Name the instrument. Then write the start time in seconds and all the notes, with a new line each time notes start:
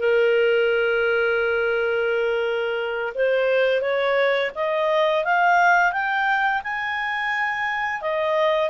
clarinet
0.00 A#4
3.15 C5
3.82 C#5
4.55 D#5
5.25 F5
5.92 G5
6.63 G#5
8.02 D#5